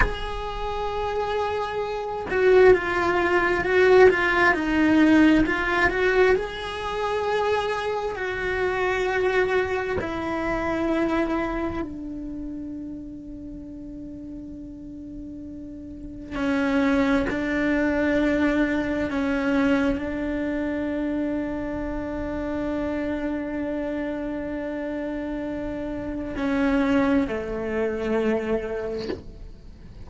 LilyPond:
\new Staff \with { instrumentName = "cello" } { \time 4/4 \tempo 4 = 66 gis'2~ gis'8 fis'8 f'4 | fis'8 f'8 dis'4 f'8 fis'8 gis'4~ | gis'4 fis'2 e'4~ | e'4 d'2.~ |
d'2 cis'4 d'4~ | d'4 cis'4 d'2~ | d'1~ | d'4 cis'4 a2 | }